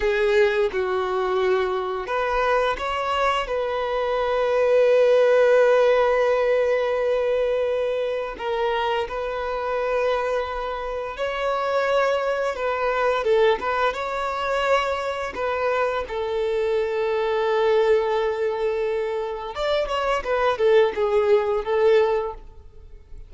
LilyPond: \new Staff \with { instrumentName = "violin" } { \time 4/4 \tempo 4 = 86 gis'4 fis'2 b'4 | cis''4 b'2.~ | b'1 | ais'4 b'2. |
cis''2 b'4 a'8 b'8 | cis''2 b'4 a'4~ | a'1 | d''8 cis''8 b'8 a'8 gis'4 a'4 | }